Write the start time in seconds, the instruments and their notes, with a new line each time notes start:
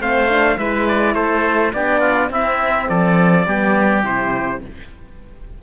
0.00 cello A3, horn C4, oboe C5, trumpet F5
0.30 horn D4
0.58 cello G#3, horn E4, oboe B4, trumpet E5
0.88 trumpet D5
1.15 cello A3, oboe A4, trumpet C5
1.73 cello B3, horn D4, oboe G4, trumpet D5
2.00 oboe F4
2.30 cello C4, horn C4, oboe E4, trumpet E5
2.89 cello F3, oboe A4, trumpet D5
3.46 cello G3, horn B3, oboe G4
4.04 cello C3, horn E4, trumpet C5